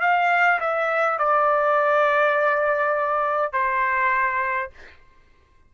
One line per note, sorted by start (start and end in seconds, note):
0.00 0.59 F5
0.60 1.18 E5
1.18 3.52 D5
3.52 4.70 C5